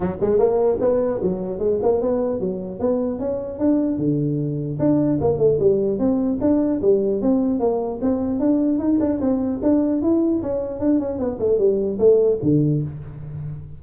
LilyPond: \new Staff \with { instrumentName = "tuba" } { \time 4/4 \tempo 4 = 150 fis8 gis8 ais4 b4 fis4 | gis8 ais8 b4 fis4 b4 | cis'4 d'4 d2 | d'4 ais8 a8 g4 c'4 |
d'4 g4 c'4 ais4 | c'4 d'4 dis'8 d'8 c'4 | d'4 e'4 cis'4 d'8 cis'8 | b8 a8 g4 a4 d4 | }